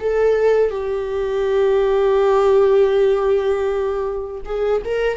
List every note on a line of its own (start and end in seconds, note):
0.00 0.71 A4
0.71 4.41 G4
4.45 4.82 G#4
4.85 5.18 A#4